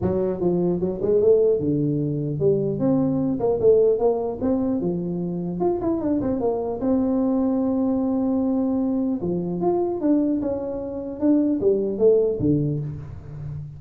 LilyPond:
\new Staff \with { instrumentName = "tuba" } { \time 4/4 \tempo 4 = 150 fis4 f4 fis8 gis8 a4 | d2 g4 c'4~ | c'8 ais8 a4 ais4 c'4 | f2 f'8 e'8 d'8 c'8 |
ais4 c'2.~ | c'2. f4 | f'4 d'4 cis'2 | d'4 g4 a4 d4 | }